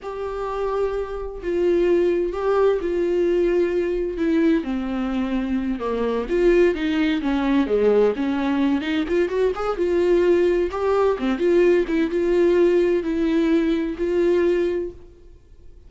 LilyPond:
\new Staff \with { instrumentName = "viola" } { \time 4/4 \tempo 4 = 129 g'2. f'4~ | f'4 g'4 f'2~ | f'4 e'4 c'2~ | c'8 ais4 f'4 dis'4 cis'8~ |
cis'8 gis4 cis'4. dis'8 f'8 | fis'8 gis'8 f'2 g'4 | c'8 f'4 e'8 f'2 | e'2 f'2 | }